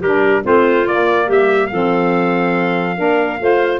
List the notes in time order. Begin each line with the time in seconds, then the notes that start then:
0.00 G3 D4 G4 A#4
0.44 A3 C4 F4 C5
0.88 A#3 D5
1.26 G3 G4 E5
1.67 F3 A4 F5
1.73 C4
2.96 A#3 D4 A#4
3.40 A3 F4 C5